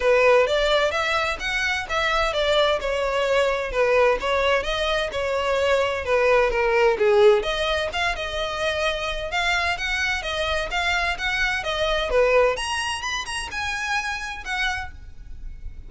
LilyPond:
\new Staff \with { instrumentName = "violin" } { \time 4/4 \tempo 4 = 129 b'4 d''4 e''4 fis''4 | e''4 d''4 cis''2 | b'4 cis''4 dis''4 cis''4~ | cis''4 b'4 ais'4 gis'4 |
dis''4 f''8 dis''2~ dis''8 | f''4 fis''4 dis''4 f''4 | fis''4 dis''4 b'4 ais''4 | b''8 ais''8 gis''2 fis''4 | }